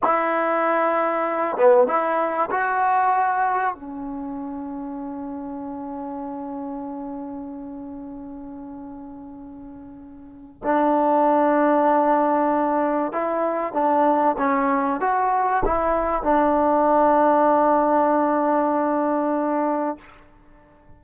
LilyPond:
\new Staff \with { instrumentName = "trombone" } { \time 4/4 \tempo 4 = 96 e'2~ e'8 b8 e'4 | fis'2 cis'2~ | cis'1~ | cis'1~ |
cis'4 d'2.~ | d'4 e'4 d'4 cis'4 | fis'4 e'4 d'2~ | d'1 | }